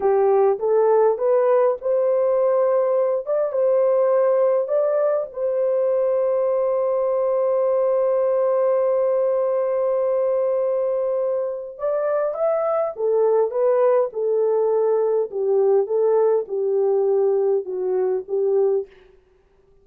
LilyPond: \new Staff \with { instrumentName = "horn" } { \time 4/4 \tempo 4 = 102 g'4 a'4 b'4 c''4~ | c''4. d''8 c''2 | d''4 c''2.~ | c''1~ |
c''1 | d''4 e''4 a'4 b'4 | a'2 g'4 a'4 | g'2 fis'4 g'4 | }